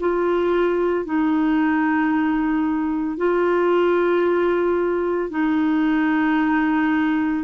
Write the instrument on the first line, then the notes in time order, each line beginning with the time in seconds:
clarinet
0.00 F4
1.05 D#4
3.17 F4
5.30 D#4